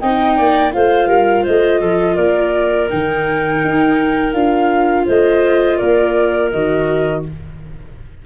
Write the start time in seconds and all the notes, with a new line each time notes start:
0.00 C4 D#4 D#5 G5
0.37 A#3 D5
0.71 A3 F4 C5 F5
1.07 G3 A#4
1.43 A3 C5 D#5
1.80 F3 A4
2.14 A#3 A#4 D5
2.89 D#3 D#4 G5
3.64 D#4
4.33 D4 F4 F5
5.05 A3 C5 D#5
5.77 A#3 A#4 D5
6.51 D#3 F#4 D#5